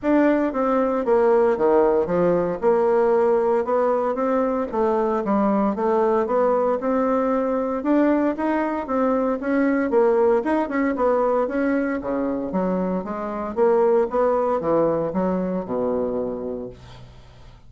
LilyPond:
\new Staff \with { instrumentName = "bassoon" } { \time 4/4 \tempo 4 = 115 d'4 c'4 ais4 dis4 | f4 ais2 b4 | c'4 a4 g4 a4 | b4 c'2 d'4 |
dis'4 c'4 cis'4 ais4 | dis'8 cis'8 b4 cis'4 cis4 | fis4 gis4 ais4 b4 | e4 fis4 b,2 | }